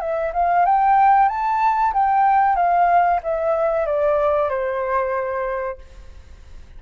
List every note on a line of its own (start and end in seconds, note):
0.00 0.32 E5
0.33 0.65 F5
0.65 1.28 G5
1.28 1.93 A5
1.93 2.56 G5
2.56 3.20 F5
3.23 3.86 E5
3.86 4.49 D5
4.49 5.78 C5